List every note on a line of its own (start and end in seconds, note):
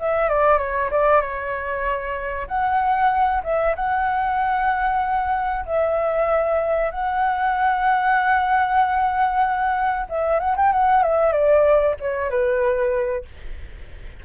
0.00 0.29 E5
0.29 0.59 D5
0.59 0.90 C#5
0.91 1.21 D5
1.21 2.48 C#5
2.48 3.42 F#5
3.44 3.76 E5
3.76 5.65 F#5
5.66 6.91 E5
6.91 10.07 F#5
10.10 10.40 E5
10.40 10.56 F#5
10.57 10.73 G5
10.73 11.03 F#5
11.03 11.33 E5
11.33 11.96 D5
12.01 12.30 C#5
12.30 13.25 B4